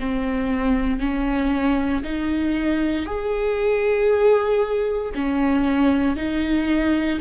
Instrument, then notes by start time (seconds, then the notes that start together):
viola
0.00 C4
1.00 C#4
2.04 D#4
3.06 G#4
5.15 C#4
6.16 D#4